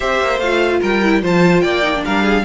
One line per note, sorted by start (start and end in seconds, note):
0.00 0.21 C4
0.00 0.39 G4
0.00 0.79 C5
0.00 0.39 E5
0.21 0.38 A#3
0.38 0.79 A3
0.38 1.03 F4
0.38 0.80 F5
0.80 1.23 G3
0.80 1.21 A#4
0.80 1.23 G5
1.03 1.22 E4
1.22 1.63 F3
1.22 1.83 F4
1.22 1.62 C5
1.22 1.61 A5
1.61 2.04 A#3
1.61 2.03 D5
1.61 2.01 G5
1.83 1.93 D#4
1.94 2.44 D4
2.04 2.44 G3
2.04 2.22 A#4
2.04 2.44 F5
2.22 2.43 G#4